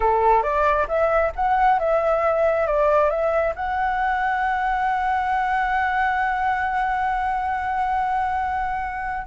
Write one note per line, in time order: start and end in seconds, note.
0.00 0.42 A4
0.42 0.86 D5
0.88 1.32 E5
1.35 1.79 F#5
1.79 2.66 E5
2.66 3.10 D5
3.10 3.54 E5
3.55 9.26 F#5